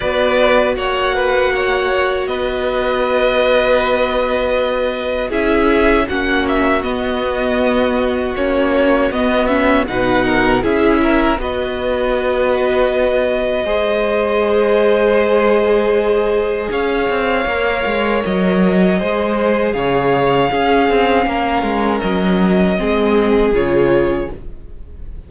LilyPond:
<<
  \new Staff \with { instrumentName = "violin" } { \time 4/4 \tempo 4 = 79 d''4 fis''2 dis''4~ | dis''2. e''4 | fis''8 e''8 dis''2 cis''4 | dis''8 e''8 fis''4 e''4 dis''4~ |
dis''1~ | dis''2 f''2 | dis''2 f''2~ | f''4 dis''2 cis''4 | }
  \new Staff \with { instrumentName = "violin" } { \time 4/4 b'4 cis''8 b'8 cis''4 b'4~ | b'2. gis'4 | fis'1~ | fis'4 b'8 ais'8 gis'8 ais'8 b'4~ |
b'2 c''2~ | c''2 cis''2~ | cis''4 c''4 cis''4 gis'4 | ais'2 gis'2 | }
  \new Staff \with { instrumentName = "viola" } { \time 4/4 fis'1~ | fis'2. e'4 | cis'4 b2 cis'4 | b8 cis'8 dis'4 e'4 fis'4~ |
fis'2 gis'2~ | gis'2. ais'4~ | ais'4 gis'2 cis'4~ | cis'2 c'4 f'4 | }
  \new Staff \with { instrumentName = "cello" } { \time 4/4 b4 ais2 b4~ | b2. cis'4 | ais4 b2 ais4 | b4 b,4 cis'4 b4~ |
b2 gis2~ | gis2 cis'8 c'8 ais8 gis8 | fis4 gis4 cis4 cis'8 c'8 | ais8 gis8 fis4 gis4 cis4 | }
>>